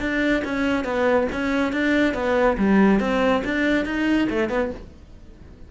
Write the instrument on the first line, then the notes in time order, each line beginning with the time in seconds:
cello
0.00 D4
0.44 C#4
0.84 B3
1.32 C#4
1.72 D4
2.14 B3
2.58 G3
3.00 C4
3.44 D4
3.85 D#4
4.29 A3
4.49 B3